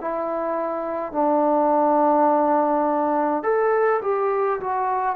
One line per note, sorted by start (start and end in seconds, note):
0.00 1.12 E4
1.12 3.42 D4
3.42 4.00 A4
4.02 4.59 G4
4.59 5.15 F#4